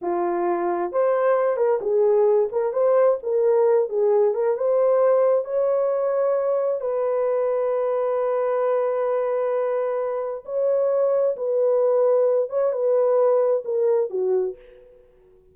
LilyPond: \new Staff \with { instrumentName = "horn" } { \time 4/4 \tempo 4 = 132 f'2 c''4. ais'8 | gis'4. ais'8 c''4 ais'4~ | ais'8 gis'4 ais'8 c''2 | cis''2. b'4~ |
b'1~ | b'2. cis''4~ | cis''4 b'2~ b'8 cis''8 | b'2 ais'4 fis'4 | }